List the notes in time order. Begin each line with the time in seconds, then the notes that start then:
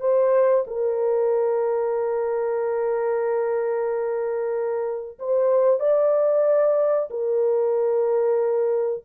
0.00 C5
0.67 A#4
5.19 C5
5.80 D5
7.10 A#4